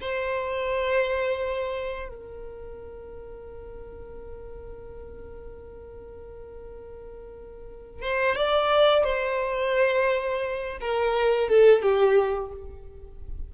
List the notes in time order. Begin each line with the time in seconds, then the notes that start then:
0.00 C5
2.08 A#4
8.01 C5
8.35 D5
9.03 C5
10.80 A#4
11.48 A4
11.82 G4